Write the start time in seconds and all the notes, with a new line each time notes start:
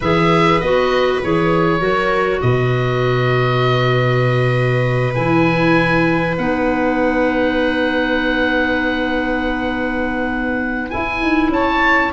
0.00 E3 G#4 B4 E5
0.60 B3 F#4 D#5
1.22 E3 G#4 C#5
1.79 F#3 F#4 A#4
2.41 B2 B4 D#5
5.14 E3 E4 G#5
6.37 B3 D#4 F#5
10.90 E4 G#5
11.21 D#4
11.48 C#4 C#5 A5